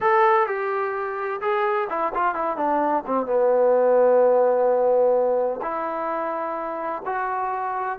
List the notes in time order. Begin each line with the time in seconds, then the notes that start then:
0.01 A4
0.46 G4
1.41 G#4
1.89 E4
2.14 F4
2.34 E4
2.57 D4
3.06 C4
3.26 B3
5.61 E4
7.05 F#4